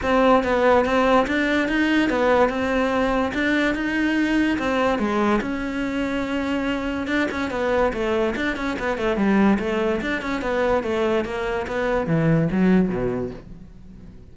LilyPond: \new Staff \with { instrumentName = "cello" } { \time 4/4 \tempo 4 = 144 c'4 b4 c'4 d'4 | dis'4 b4 c'2 | d'4 dis'2 c'4 | gis4 cis'2.~ |
cis'4 d'8 cis'8 b4 a4 | d'8 cis'8 b8 a8 g4 a4 | d'8 cis'8 b4 a4 ais4 | b4 e4 fis4 b,4 | }